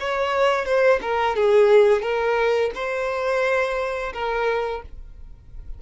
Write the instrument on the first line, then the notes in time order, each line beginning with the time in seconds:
violin
0.00 C#5
0.65 C5
1.02 A#4
1.36 G#4
2.02 A#4
2.75 C5
4.13 A#4